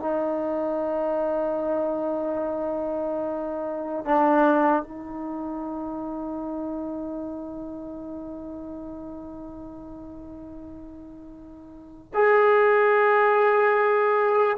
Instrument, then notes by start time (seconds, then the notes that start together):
trombone
0.00 D#4
4.05 D4
4.83 D#4
12.14 G#4